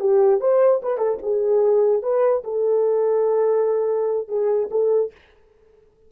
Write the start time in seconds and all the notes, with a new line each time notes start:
0.00 G4
0.41 C5
0.83 B4
0.98 A4
1.23 G#4
2.03 B4
2.45 A4
4.28 G#4
4.71 A4